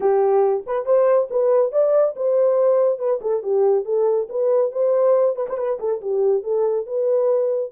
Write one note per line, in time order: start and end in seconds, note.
0.00 0.63 G4
0.66 0.85 B4
0.85 1.28 C5
1.30 1.71 B4
1.71 2.14 D5
2.16 2.98 C5
2.98 3.20 B4
3.21 3.42 A4
3.42 3.85 G4
3.85 4.27 A4
4.29 4.71 B4
4.71 5.36 C5
5.36 5.46 B4
5.48 5.57 C5
5.57 5.79 B4
5.79 6.00 A4
6.01 6.43 G4
6.43 6.86 A4
6.86 7.71 B4